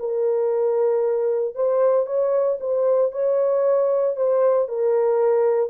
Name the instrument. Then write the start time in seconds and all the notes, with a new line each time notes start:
horn
0.00 A#4
1.55 C5
2.07 C#5
2.61 C5
3.12 C#5
4.16 C5
4.69 A#4